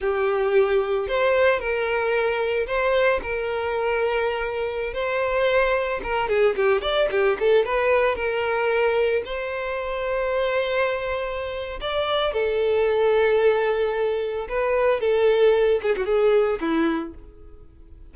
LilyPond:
\new Staff \with { instrumentName = "violin" } { \time 4/4 \tempo 4 = 112 g'2 c''4 ais'4~ | ais'4 c''4 ais'2~ | ais'4~ ais'16 c''2 ais'8 gis'16~ | gis'16 g'8 d''8 g'8 a'8 b'4 ais'8.~ |
ais'4~ ais'16 c''2~ c''8.~ | c''2 d''4 a'4~ | a'2. b'4 | a'4. gis'16 fis'16 gis'4 e'4 | }